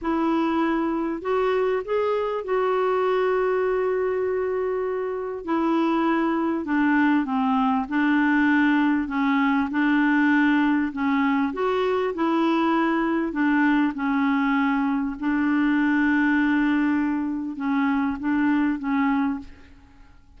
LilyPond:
\new Staff \with { instrumentName = "clarinet" } { \time 4/4 \tempo 4 = 99 e'2 fis'4 gis'4 | fis'1~ | fis'4 e'2 d'4 | c'4 d'2 cis'4 |
d'2 cis'4 fis'4 | e'2 d'4 cis'4~ | cis'4 d'2.~ | d'4 cis'4 d'4 cis'4 | }